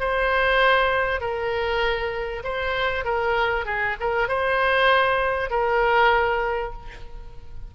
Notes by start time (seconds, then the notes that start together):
0.00 C5
1.21 A#4
2.44 C5
3.05 A#4
3.66 G#4
4.00 A#4
4.29 C5
5.50 A#4